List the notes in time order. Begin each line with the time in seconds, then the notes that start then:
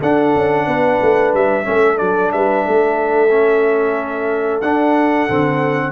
0.00 D4 A4 F#5
0.36 C#4
0.67 B3 B4
1.02 A3
1.34 G3 E5
1.64 A3 C#4 A4
1.97 F#3 D4 D5
2.32 G3 B4 E5
2.66 A3 A4
3.31 C#4
4.61 D4 F#5
5.29 D3 C4